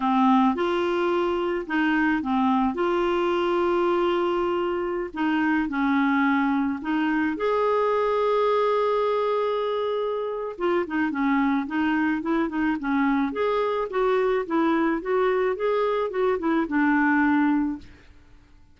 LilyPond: \new Staff \with { instrumentName = "clarinet" } { \time 4/4 \tempo 4 = 108 c'4 f'2 dis'4 | c'4 f'2.~ | f'4~ f'16 dis'4 cis'4.~ cis'16~ | cis'16 dis'4 gis'2~ gis'8.~ |
gis'2. f'8 dis'8 | cis'4 dis'4 e'8 dis'8 cis'4 | gis'4 fis'4 e'4 fis'4 | gis'4 fis'8 e'8 d'2 | }